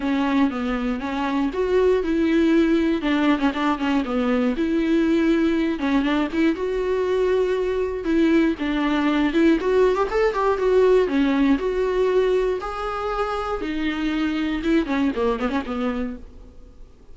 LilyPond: \new Staff \with { instrumentName = "viola" } { \time 4/4 \tempo 4 = 119 cis'4 b4 cis'4 fis'4 | e'2 d'8. cis'16 d'8 cis'8 | b4 e'2~ e'8 cis'8 | d'8 e'8 fis'2. |
e'4 d'4. e'8 fis'8. g'16 | a'8 g'8 fis'4 cis'4 fis'4~ | fis'4 gis'2 dis'4~ | dis'4 e'8 cis'8 ais8 b16 cis'16 b4 | }